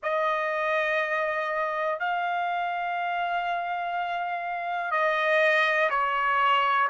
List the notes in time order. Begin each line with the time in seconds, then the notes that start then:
0.03 D#5
1.99 F5
4.91 D#5
5.90 C#5